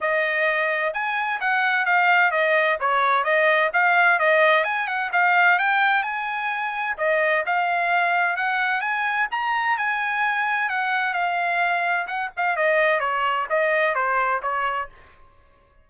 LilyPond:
\new Staff \with { instrumentName = "trumpet" } { \time 4/4 \tempo 4 = 129 dis''2 gis''4 fis''4 | f''4 dis''4 cis''4 dis''4 | f''4 dis''4 gis''8 fis''8 f''4 | g''4 gis''2 dis''4 |
f''2 fis''4 gis''4 | ais''4 gis''2 fis''4 | f''2 fis''8 f''8 dis''4 | cis''4 dis''4 c''4 cis''4 | }